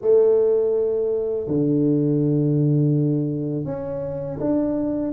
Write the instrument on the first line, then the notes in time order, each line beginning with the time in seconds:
tuba
0.01 A3
1.47 D3
3.65 C#4
4.39 D4